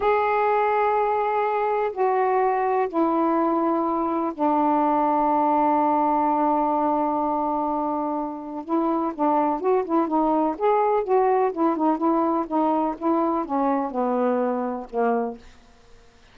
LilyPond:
\new Staff \with { instrumentName = "saxophone" } { \time 4/4 \tempo 4 = 125 gis'1 | fis'2 e'2~ | e'4 d'2.~ | d'1~ |
d'2 e'4 d'4 | fis'8 e'8 dis'4 gis'4 fis'4 | e'8 dis'8 e'4 dis'4 e'4 | cis'4 b2 ais4 | }